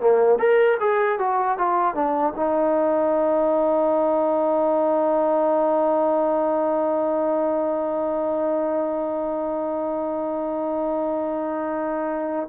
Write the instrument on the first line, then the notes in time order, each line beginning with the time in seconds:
trombone
0.00 A#3
0.39 A#4
0.80 G#4
1.19 F#4
1.58 F4
1.95 D4
2.36 D#4